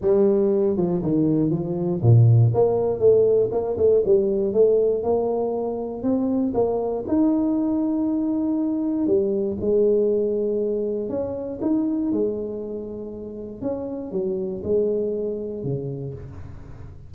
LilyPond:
\new Staff \with { instrumentName = "tuba" } { \time 4/4 \tempo 4 = 119 g4. f8 dis4 f4 | ais,4 ais4 a4 ais8 a8 | g4 a4 ais2 | c'4 ais4 dis'2~ |
dis'2 g4 gis4~ | gis2 cis'4 dis'4 | gis2. cis'4 | fis4 gis2 cis4 | }